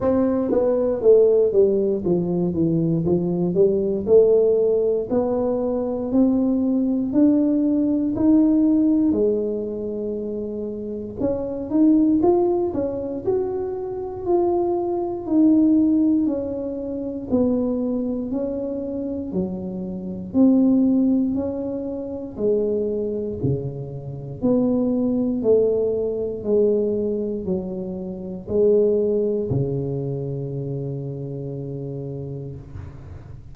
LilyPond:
\new Staff \with { instrumentName = "tuba" } { \time 4/4 \tempo 4 = 59 c'8 b8 a8 g8 f8 e8 f8 g8 | a4 b4 c'4 d'4 | dis'4 gis2 cis'8 dis'8 | f'8 cis'8 fis'4 f'4 dis'4 |
cis'4 b4 cis'4 fis4 | c'4 cis'4 gis4 cis4 | b4 a4 gis4 fis4 | gis4 cis2. | }